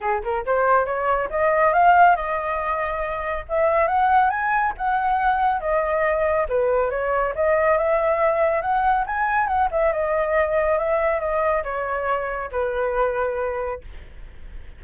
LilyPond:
\new Staff \with { instrumentName = "flute" } { \time 4/4 \tempo 4 = 139 gis'8 ais'8 c''4 cis''4 dis''4 | f''4 dis''2. | e''4 fis''4 gis''4 fis''4~ | fis''4 dis''2 b'4 |
cis''4 dis''4 e''2 | fis''4 gis''4 fis''8 e''8 dis''4~ | dis''4 e''4 dis''4 cis''4~ | cis''4 b'2. | }